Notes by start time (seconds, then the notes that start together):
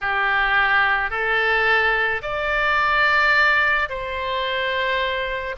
0.01 G4
1.10 A4
2.22 D5
3.89 C5